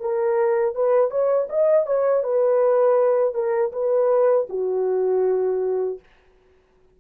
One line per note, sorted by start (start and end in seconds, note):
0.00 0.75 A#4
0.75 1.10 B4
1.10 1.48 C#5
1.49 1.86 D#5
1.86 2.23 C#5
2.23 3.34 B4
3.34 3.72 A#4
3.72 4.47 B4
4.49 5.99 F#4